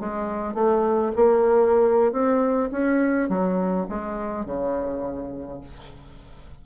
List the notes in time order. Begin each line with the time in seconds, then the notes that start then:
0.00 G#3
0.55 A3
1.16 A#3
2.12 C4
2.72 C#4
3.29 F#3
3.89 G#3
4.46 C#3